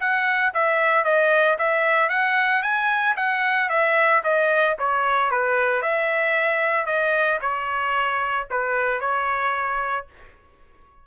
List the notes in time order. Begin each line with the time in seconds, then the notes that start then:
0.00 F#5
0.54 E5
1.05 D#5
1.58 E5
2.09 F#5
2.63 G#5
3.16 F#5
3.70 E5
4.24 D#5
4.79 C#5
5.31 B4
5.82 E5
6.86 D#5
7.41 C#5
8.51 B4
9.00 C#5